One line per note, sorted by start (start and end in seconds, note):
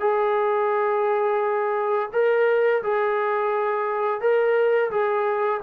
0.00 2.09 G#4
2.13 2.83 A#4
2.83 4.21 G#4
4.21 4.91 A#4
4.91 5.61 G#4